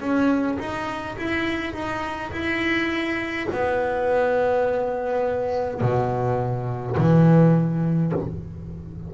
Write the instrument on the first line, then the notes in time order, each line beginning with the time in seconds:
double bass
0.00 C#4
0.59 D#4
1.17 E4
1.74 D#4
2.32 E4
3.51 B3
5.81 B2
6.97 E3